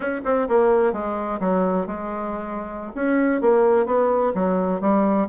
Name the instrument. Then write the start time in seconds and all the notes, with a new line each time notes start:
bassoon
0.00 C#4
0.24 C4
0.48 A#3
0.92 G#3
1.40 F#3
1.86 G#3
2.95 C#4
3.41 A#3
3.85 B3
4.34 F#3
4.80 G3